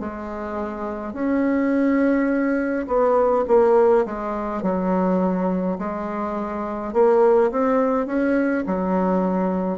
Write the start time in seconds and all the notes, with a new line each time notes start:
0.00 G#3
1.14 C#4
2.87 B3
3.48 A#3
4.06 G#3
4.63 F#3
5.78 G#3
6.93 A#3
7.52 C4
8.07 C#4
8.67 F#3